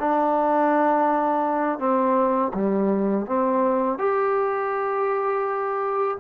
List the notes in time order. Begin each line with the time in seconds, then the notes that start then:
0.00 D4
1.79 C4
2.54 G3
3.26 C4
3.99 G4